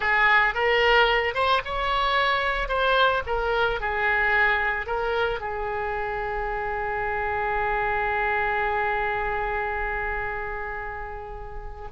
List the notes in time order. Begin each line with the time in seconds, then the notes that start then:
0.00 G#4
0.54 A#4
1.34 C5
1.64 C#5
2.68 C5
3.26 A#4
3.80 G#4
4.86 A#4
5.40 G#4